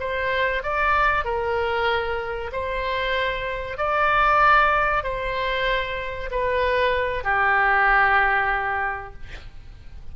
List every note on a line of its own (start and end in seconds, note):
0.00 0.63 C5
0.63 1.25 D5
1.25 2.51 A#4
2.53 3.78 C5
3.78 5.04 D5
5.04 6.30 C5
6.31 7.24 B4
7.24 9.13 G4